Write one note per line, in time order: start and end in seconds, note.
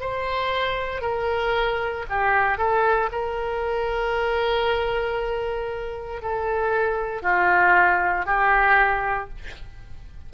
0.00 1.01 C5
1.01 2.05 A#4
2.09 2.58 G4
2.58 3.09 A4
3.11 6.22 A#4
6.22 7.22 A4
7.22 8.25 F4
8.25 9.29 G4